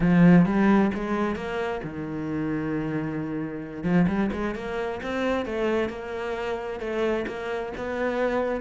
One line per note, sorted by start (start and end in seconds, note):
0.00 0.45 F3
0.45 0.91 G3
0.94 1.35 G#3
1.35 1.81 A#3
1.83 3.83 D#3
3.83 4.06 F3
4.07 4.30 G3
4.32 4.55 G#3
4.55 5.00 A#3
5.02 5.45 C4
5.45 5.89 A3
5.89 6.80 A#3
6.80 7.25 A3
7.27 7.73 A#3
7.77 8.61 B3